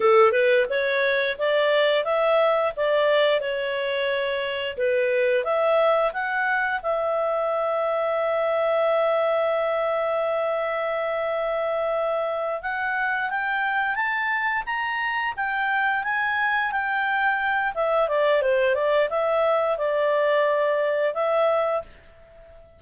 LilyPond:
\new Staff \with { instrumentName = "clarinet" } { \time 4/4 \tempo 4 = 88 a'8 b'8 cis''4 d''4 e''4 | d''4 cis''2 b'4 | e''4 fis''4 e''2~ | e''1~ |
e''2~ e''8 fis''4 g''8~ | g''8 a''4 ais''4 g''4 gis''8~ | gis''8 g''4. e''8 d''8 c''8 d''8 | e''4 d''2 e''4 | }